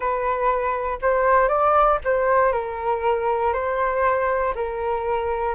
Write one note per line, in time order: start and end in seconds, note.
0.00 0.99 B4
1.01 1.48 C5
1.48 1.98 D5
2.04 2.52 C5
2.52 3.53 A#4
3.53 4.54 C5
4.55 5.54 A#4